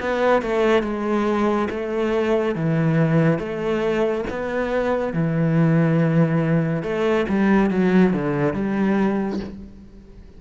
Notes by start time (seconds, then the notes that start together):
0.00 B3
0.42 A3
0.83 G#3
1.70 A3
2.55 E3
3.39 A3
4.30 B3
5.14 E3
6.83 A3
7.29 G3
7.71 F#3
8.14 D3
8.54 G3